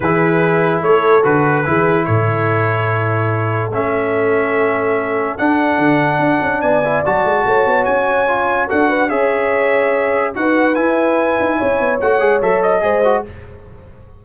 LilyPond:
<<
  \new Staff \with { instrumentName = "trumpet" } { \time 4/4 \tempo 4 = 145 b'2 cis''4 b'4~ | b'4 cis''2.~ | cis''4 e''2.~ | e''4 fis''2. |
gis''4 a''2 gis''4~ | gis''4 fis''4 e''2~ | e''4 fis''4 gis''2~ | gis''4 fis''4 e''8 dis''4. | }
  \new Staff \with { instrumentName = "horn" } { \time 4/4 gis'2 a'2 | gis'4 a'2.~ | a'1~ | a'1 |
d''2 cis''2~ | cis''4 a'8 b'8 cis''2~ | cis''4 b'2. | cis''2. c''4 | }
  \new Staff \with { instrumentName = "trombone" } { \time 4/4 e'2. fis'4 | e'1~ | e'4 cis'2.~ | cis'4 d'2.~ |
d'8 e'8 fis'2. | f'4 fis'4 gis'2~ | gis'4 fis'4 e'2~ | e'4 fis'8 gis'8 a'4 gis'8 fis'8 | }
  \new Staff \with { instrumentName = "tuba" } { \time 4/4 e2 a4 d4 | e4 a,2.~ | a,4 a2.~ | a4 d'4 d4 d'8 cis'8 |
b4 fis8 gis8 a8 b8 cis'4~ | cis'4 d'4 cis'2~ | cis'4 dis'4 e'4. dis'8 | cis'8 b8 a8 gis8 fis4 gis4 | }
>>